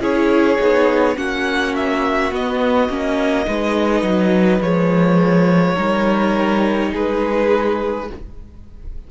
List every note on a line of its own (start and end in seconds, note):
0.00 0.58 C#4
0.00 0.58 E4
0.00 1.17 G#4
0.00 1.17 C#5
0.59 1.17 B3
0.59 1.16 D#4
1.16 2.32 A#3
1.16 2.31 C#4
1.16 3.47 F#4
1.16 1.75 F#5
1.76 2.34 E5
2.31 2.89 B3
2.31 4.62 D#5
2.89 3.47 A#3
2.89 3.46 C#4
3.46 4.02 G#3
3.46 4.61 D#4
3.46 5.75 B4
4.02 4.60 F#3
4.61 5.76 F3
4.61 5.76 G#3
4.61 6.93 C#5
5.75 6.93 G3
5.75 8.07 D#4
5.75 6.90 A#4
6.92 8.10 G#3
6.92 8.08 G#4
6.92 8.11 B4